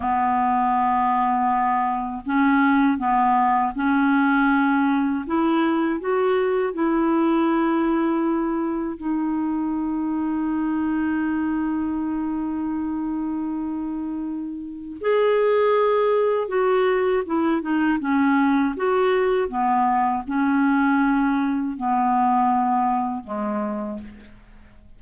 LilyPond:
\new Staff \with { instrumentName = "clarinet" } { \time 4/4 \tempo 4 = 80 b2. cis'4 | b4 cis'2 e'4 | fis'4 e'2. | dis'1~ |
dis'1 | gis'2 fis'4 e'8 dis'8 | cis'4 fis'4 b4 cis'4~ | cis'4 b2 gis4 | }